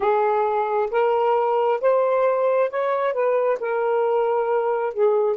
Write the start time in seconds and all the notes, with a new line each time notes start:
0.00 G#4
0.90 A#4
1.80 C5
2.70 C#5
3.13 B4
3.60 A#4
4.93 G#4